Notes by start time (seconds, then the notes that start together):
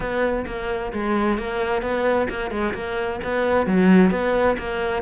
0.00 B3
0.46 A#3
0.93 G#3
1.37 A#3
1.82 B3
2.29 A#3
2.50 G#3
2.74 A#3
3.23 B3
3.66 F#3
4.11 B3
4.58 A#3